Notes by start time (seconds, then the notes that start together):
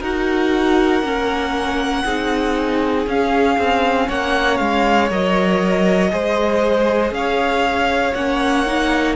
0.00 D#4 F#4 A#4 F#5
1.02 A#3 C#4
2.04 C4 D#4 G#4
3.07 C#4 F5
3.58 C4
4.08 A#3 C#5 F#5
4.57 G#3 F5
5.10 F#3 A#4 D#5
6.10 G#3 G#4 C5
7.11 C#4 F5
7.18 C#5
8.14 A#3 C#4 F#5
8.66 D#4